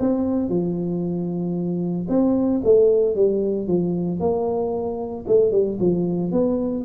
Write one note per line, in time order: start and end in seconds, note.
0.00 0.49 C4
0.49 2.07 F3
2.09 2.62 C4
2.64 3.16 A3
3.16 3.68 G3
3.68 4.20 F3
4.20 5.25 A#3
5.28 5.52 A3
5.52 5.78 G3
5.80 6.32 F3
6.32 6.85 B3